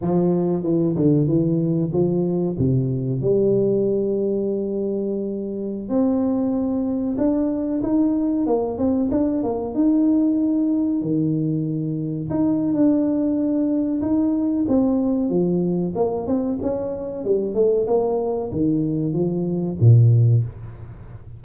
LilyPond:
\new Staff \with { instrumentName = "tuba" } { \time 4/4 \tempo 4 = 94 f4 e8 d8 e4 f4 | c4 g2.~ | g4~ g16 c'2 d'8.~ | d'16 dis'4 ais8 c'8 d'8 ais8 dis'8.~ |
dis'4~ dis'16 dis2 dis'8. | d'2 dis'4 c'4 | f4 ais8 c'8 cis'4 g8 a8 | ais4 dis4 f4 ais,4 | }